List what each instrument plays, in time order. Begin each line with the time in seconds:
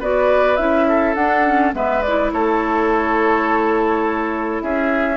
0.00 bassoon B3, clarinet F#4, oboe B4, flute D5
0.56 bassoon C#4, clarinet E4, flute E5
0.88 oboe A4
1.15 bassoon D4, clarinet D4, flute F#5
1.46 clarinet C#4
1.73 bassoon G#3, clarinet B3, oboe B4, flute E5
2.02 clarinet E4, flute D5
2.32 bassoon A3, oboe A4, flute C#5
4.62 bassoon C#4, oboe G#4, flute E5